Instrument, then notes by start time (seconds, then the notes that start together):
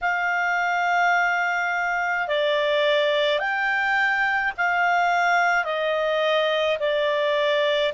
clarinet
0.01 F5
2.27 D5
3.39 G5
4.57 F5
5.64 D#5
6.79 D5